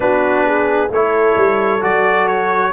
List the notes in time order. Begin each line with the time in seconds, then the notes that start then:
0.00 B3 D4 F#4 B4
0.45 G#4
0.90 A3 E4 A4 C#5
1.36 G3
1.80 F#3 F#4 D5
2.27 C#5